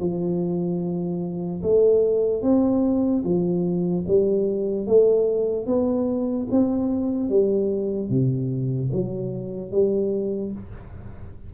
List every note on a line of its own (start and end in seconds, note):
0.00 1.62 F3
1.63 2.43 A3
2.43 3.24 C4
3.24 4.05 F3
4.08 4.86 G3
4.86 5.66 A3
5.66 6.48 B3
6.51 7.29 C4
7.29 8.09 G3
8.09 8.90 C3
8.92 9.71 F#3
9.71 10.52 G3